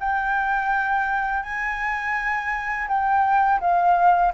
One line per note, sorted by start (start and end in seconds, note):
0.00 1.43 G5
1.43 2.88 G#5
2.88 3.60 G5
3.60 4.33 F5